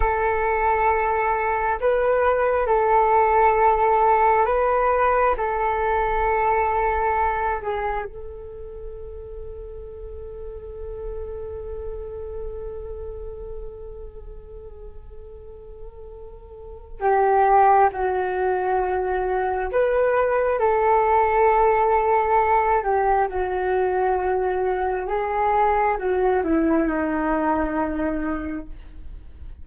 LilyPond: \new Staff \with { instrumentName = "flute" } { \time 4/4 \tempo 4 = 67 a'2 b'4 a'4~ | a'4 b'4 a'2~ | a'8 gis'8 a'2.~ | a'1~ |
a'2. g'4 | fis'2 b'4 a'4~ | a'4. g'8 fis'2 | gis'4 fis'8 e'8 dis'2 | }